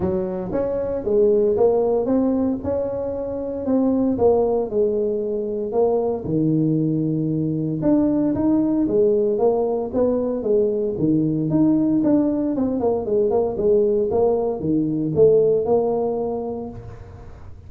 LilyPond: \new Staff \with { instrumentName = "tuba" } { \time 4/4 \tempo 4 = 115 fis4 cis'4 gis4 ais4 | c'4 cis'2 c'4 | ais4 gis2 ais4 | dis2. d'4 |
dis'4 gis4 ais4 b4 | gis4 dis4 dis'4 d'4 | c'8 ais8 gis8 ais8 gis4 ais4 | dis4 a4 ais2 | }